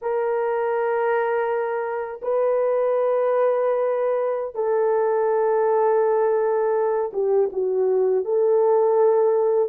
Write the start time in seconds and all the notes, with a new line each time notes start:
0.01 A#4
2.22 B4
4.55 A4
7.13 G4
7.52 F#4
8.24 A4